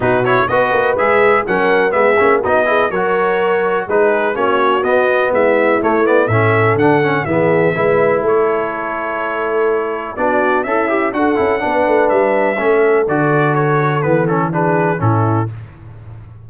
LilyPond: <<
  \new Staff \with { instrumentName = "trumpet" } { \time 4/4 \tempo 4 = 124 b'8 cis''8 dis''4 e''4 fis''4 | e''4 dis''4 cis''2 | b'4 cis''4 dis''4 e''4 | cis''8 d''8 e''4 fis''4 e''4~ |
e''4 cis''2.~ | cis''4 d''4 e''4 fis''4~ | fis''4 e''2 d''4 | cis''4 b'8 a'8 b'4 a'4 | }
  \new Staff \with { instrumentName = "horn" } { \time 4/4 fis'4 b'2 ais'4 | gis'4 fis'8 gis'8 ais'2 | gis'4 fis'2 e'4~ | e'4 a'2 gis'4 |
b'4 a'2.~ | a'4 fis'4 e'4 a'4 | b'2 a'2~ | a'2 gis'4 e'4 | }
  \new Staff \with { instrumentName = "trombone" } { \time 4/4 dis'8 e'8 fis'4 gis'4 cis'4 | b8 cis'8 dis'8 e'8 fis'2 | dis'4 cis'4 b2 | a8 b8 cis'4 d'8 cis'8 b4 |
e'1~ | e'4 d'4 a'8 g'8 fis'8 e'8 | d'2 cis'4 fis'4~ | fis'4 b8 cis'8 d'4 cis'4 | }
  \new Staff \with { instrumentName = "tuba" } { \time 4/4 b,4 b8 ais8 gis4 fis4 | gis8 ais8 b4 fis2 | gis4 ais4 b4 gis4 | a4 a,4 d4 e4 |
gis4 a2.~ | a4 b4 cis'4 d'8 cis'8 | b8 a8 g4 a4 d4~ | d4 e2 a,4 | }
>>